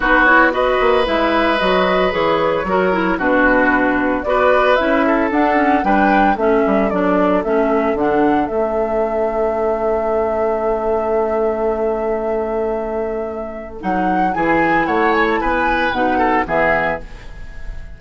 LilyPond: <<
  \new Staff \with { instrumentName = "flute" } { \time 4/4 \tempo 4 = 113 b'8 cis''8 dis''4 e''4 dis''4 | cis''2 b'2 | d''4 e''4 fis''4 g''4 | e''4 d''4 e''4 fis''4 |
e''1~ | e''1~ | e''2 fis''4 gis''4 | fis''8 gis''16 a''16 gis''4 fis''4 e''4 | }
  \new Staff \with { instrumentName = "oboe" } { \time 4/4 fis'4 b'2.~ | b'4 ais'4 fis'2 | b'4. a'4. b'4 | a'1~ |
a'1~ | a'1~ | a'2. gis'4 | cis''4 b'4. a'8 gis'4 | }
  \new Staff \with { instrumentName = "clarinet" } { \time 4/4 dis'8 e'8 fis'4 e'4 fis'4 | gis'4 fis'8 e'8 d'2 | fis'4 e'4 d'8 cis'8 d'4 | cis'4 d'4 cis'4 d'4 |
cis'1~ | cis'1~ | cis'2 dis'4 e'4~ | e'2 dis'4 b4 | }
  \new Staff \with { instrumentName = "bassoon" } { \time 4/4 b4. ais8 gis4 fis4 | e4 fis4 b,2 | b4 cis'4 d'4 g4 | a8 g8 fis4 a4 d4 |
a1~ | a1~ | a2 fis4 e4 | a4 b4 b,4 e4 | }
>>